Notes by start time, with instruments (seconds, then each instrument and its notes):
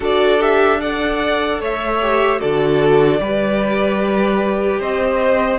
0.00 cello D4, viola F#4, violin A4 D5
0.39 viola G4, violin E5
0.78 viola A4, violin D5 F#5
1.60 cello A3, violin C#5 E5
2.01 viola G4
2.38 cello D3, viola F#4, violin A4 D5
3.19 cello G3, viola G4, violin B4
4.79 cello C4, violin C5 D#5